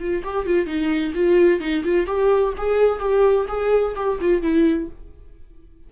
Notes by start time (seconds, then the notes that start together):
0.00 F4
0.24 G4
0.46 F4
0.66 D#4
1.15 F4
1.60 D#4
1.84 F4
2.07 G4
2.58 G#4
3.00 G4
3.48 G#4
3.96 G4
4.21 F4
4.42 E4